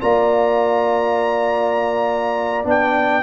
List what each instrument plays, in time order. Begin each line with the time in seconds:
0.00 tuba A#3, trombone F4, horn D5, trumpet A#5
2.64 tuba B3, trombone D4, trumpet G5